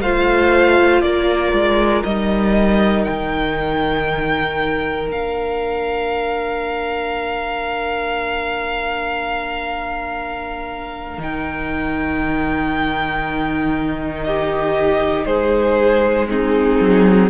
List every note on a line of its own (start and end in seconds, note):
0.00 1.02 A3
0.00 2.05 F4
0.00 1.03 C5
0.00 1.01 F5
1.01 1.52 A#3
1.01 14.26 A#4
1.01 2.03 D5
1.52 2.03 G#3
2.03 3.06 G3
2.03 5.10 D#4
2.03 3.04 D#5
3.04 5.08 D#3
3.04 5.07 G5
5.08 11.18 A#3
5.08 11.18 D4
5.08 11.21 F5
11.18 15.25 D#3
11.18 16.27 D#4
11.18 14.24 G5
14.24 15.26 G4
14.24 15.25 D#5
15.25 16.78 G#3
15.25 16.28 G#4
15.25 16.27 C5
16.28 17.29 C4
16.28 17.30 D#4
16.28 17.30 G#4
16.80 17.30 F#3